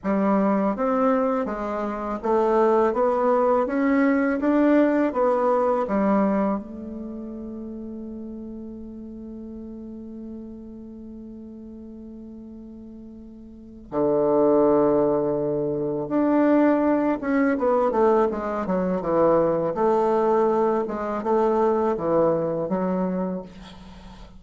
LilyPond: \new Staff \with { instrumentName = "bassoon" } { \time 4/4 \tempo 4 = 82 g4 c'4 gis4 a4 | b4 cis'4 d'4 b4 | g4 a2.~ | a1~ |
a2. d4~ | d2 d'4. cis'8 | b8 a8 gis8 fis8 e4 a4~ | a8 gis8 a4 e4 fis4 | }